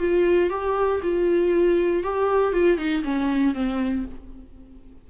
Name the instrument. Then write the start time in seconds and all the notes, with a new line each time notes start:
viola
0.00 F4
0.50 G4
1.03 F4
2.04 G4
2.53 F4
2.78 D#4
3.04 C#4
3.55 C4